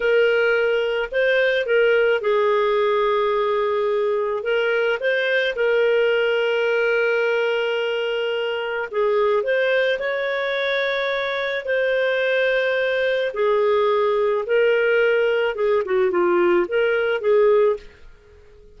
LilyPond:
\new Staff \with { instrumentName = "clarinet" } { \time 4/4 \tempo 4 = 108 ais'2 c''4 ais'4 | gis'1 | ais'4 c''4 ais'2~ | ais'1 |
gis'4 c''4 cis''2~ | cis''4 c''2. | gis'2 ais'2 | gis'8 fis'8 f'4 ais'4 gis'4 | }